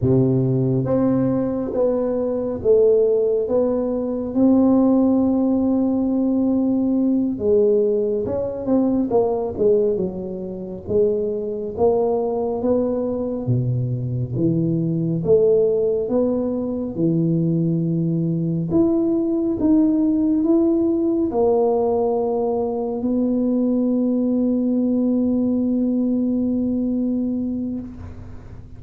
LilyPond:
\new Staff \with { instrumentName = "tuba" } { \time 4/4 \tempo 4 = 69 c4 c'4 b4 a4 | b4 c'2.~ | c'8 gis4 cis'8 c'8 ais8 gis8 fis8~ | fis8 gis4 ais4 b4 b,8~ |
b,8 e4 a4 b4 e8~ | e4. e'4 dis'4 e'8~ | e'8 ais2 b4.~ | b1 | }